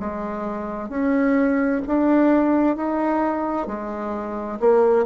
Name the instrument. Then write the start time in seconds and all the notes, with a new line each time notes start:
bassoon
0.00 G#3
0.89 C#4
1.87 D4
2.77 D#4
3.67 G#3
4.60 A#3